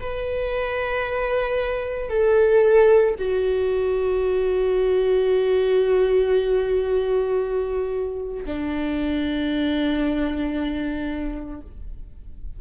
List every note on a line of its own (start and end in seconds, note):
0.00 2.10 B4
2.10 3.15 A4
3.19 8.44 F#4
8.45 11.61 D4